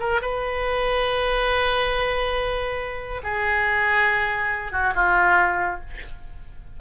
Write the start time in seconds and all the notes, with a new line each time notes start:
0.00 A#4
0.22 B4
3.24 G#4
4.73 F#4
4.95 F4